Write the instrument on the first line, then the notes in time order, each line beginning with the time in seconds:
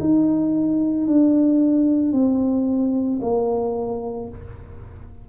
tuba
0.00 D#4
1.08 D4
2.13 C4
3.22 A#3